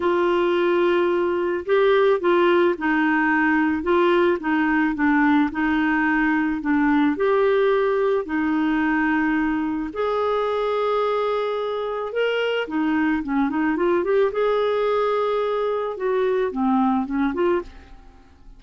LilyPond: \new Staff \with { instrumentName = "clarinet" } { \time 4/4 \tempo 4 = 109 f'2. g'4 | f'4 dis'2 f'4 | dis'4 d'4 dis'2 | d'4 g'2 dis'4~ |
dis'2 gis'2~ | gis'2 ais'4 dis'4 | cis'8 dis'8 f'8 g'8 gis'2~ | gis'4 fis'4 c'4 cis'8 f'8 | }